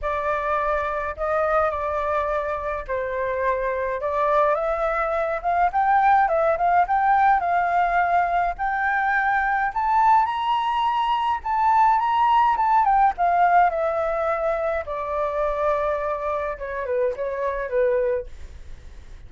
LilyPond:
\new Staff \with { instrumentName = "flute" } { \time 4/4 \tempo 4 = 105 d''2 dis''4 d''4~ | d''4 c''2 d''4 | e''4. f''8 g''4 e''8 f''8 | g''4 f''2 g''4~ |
g''4 a''4 ais''2 | a''4 ais''4 a''8 g''8 f''4 | e''2 d''2~ | d''4 cis''8 b'8 cis''4 b'4 | }